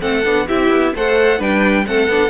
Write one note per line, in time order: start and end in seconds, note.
0.00 0.25 A3
0.00 0.23 C4
0.00 0.47 A4
0.00 0.48 F#5
0.25 0.48 B3
0.25 0.48 D4
0.47 0.70 C4
0.47 0.95 E4
0.47 0.94 G4
0.47 0.94 E5
0.70 0.93 B3
0.95 1.40 A3
0.95 1.39 A4
0.95 1.39 C5
0.95 1.42 F#5
1.39 1.86 G3
1.39 1.85 D4
1.39 1.85 B4
1.39 1.87 G5
1.86 2.08 A3
1.86 2.09 C4
1.86 2.30 A4
1.86 2.30 F#5
2.08 2.30 B3
2.08 2.30 D4